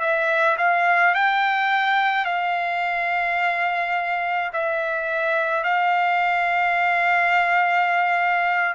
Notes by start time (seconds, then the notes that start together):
0.00 E5
0.58 F5
1.15 G5
2.25 F5
4.53 E5
5.64 F5